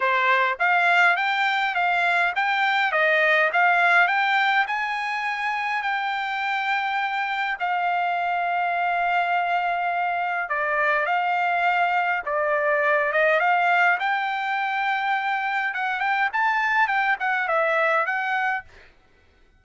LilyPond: \new Staff \with { instrumentName = "trumpet" } { \time 4/4 \tempo 4 = 103 c''4 f''4 g''4 f''4 | g''4 dis''4 f''4 g''4 | gis''2 g''2~ | g''4 f''2.~ |
f''2 d''4 f''4~ | f''4 d''4. dis''8 f''4 | g''2. fis''8 g''8 | a''4 g''8 fis''8 e''4 fis''4 | }